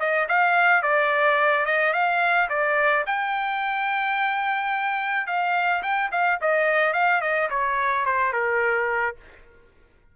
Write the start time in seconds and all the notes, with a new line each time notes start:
0.00 D#5
0.29 F5
0.83 D5
1.66 D#5
1.93 F5
2.50 D5
3.07 G5
5.28 F5
5.83 G5
6.12 F5
6.42 D#5
6.94 F5
7.21 D#5
7.50 C#5
8.06 C5
8.33 A#4